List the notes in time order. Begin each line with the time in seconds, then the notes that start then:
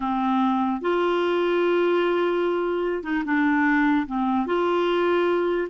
0.00 C4
0.81 F4
3.03 D#4
3.25 D4
4.07 C4
4.46 F4